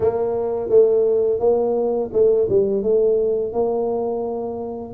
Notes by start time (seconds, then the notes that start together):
0.00 A#3
0.69 A3
1.39 A#3
2.12 A3
2.49 G3
2.82 A3
3.53 A#3